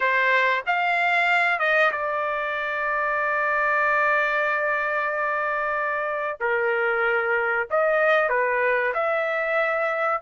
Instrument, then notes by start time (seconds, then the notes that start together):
trumpet
0.00 C5
0.66 F5
1.59 D#5
1.91 D5
6.40 A#4
7.70 D#5
8.29 B4
8.94 E5